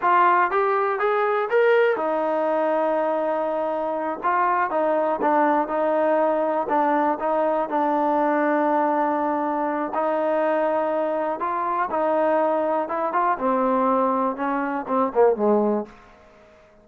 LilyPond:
\new Staff \with { instrumentName = "trombone" } { \time 4/4 \tempo 4 = 121 f'4 g'4 gis'4 ais'4 | dis'1~ | dis'8 f'4 dis'4 d'4 dis'8~ | dis'4. d'4 dis'4 d'8~ |
d'1 | dis'2. f'4 | dis'2 e'8 f'8 c'4~ | c'4 cis'4 c'8 ais8 gis4 | }